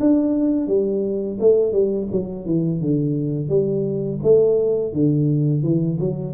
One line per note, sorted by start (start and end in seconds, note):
0.00 0.67 D4
0.67 1.38 G3
1.40 1.72 A3
1.72 2.07 G3
2.11 2.45 F#3
2.45 2.80 E3
2.80 3.48 D3
3.48 4.19 G3
4.23 4.93 A3
4.93 5.62 D3
5.62 5.98 E3
5.99 6.34 F#3